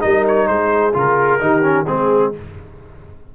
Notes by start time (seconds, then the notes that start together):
0.00 G3 D#4 A#4 D#5
0.27 C#5
0.47 G#3 G#4 C5
0.93 C#3 F4 A#4
1.40 D#3 D#4 G4
1.62 C#4
1.86 G#3 C4 G#4